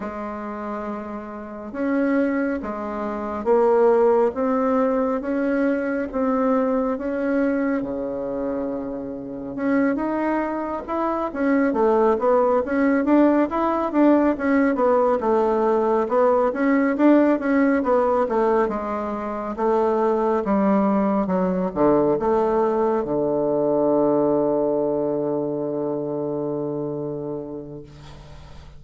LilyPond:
\new Staff \with { instrumentName = "bassoon" } { \time 4/4 \tempo 4 = 69 gis2 cis'4 gis4 | ais4 c'4 cis'4 c'4 | cis'4 cis2 cis'8 dis'8~ | dis'8 e'8 cis'8 a8 b8 cis'8 d'8 e'8 |
d'8 cis'8 b8 a4 b8 cis'8 d'8 | cis'8 b8 a8 gis4 a4 g8~ | g8 fis8 d8 a4 d4.~ | d1 | }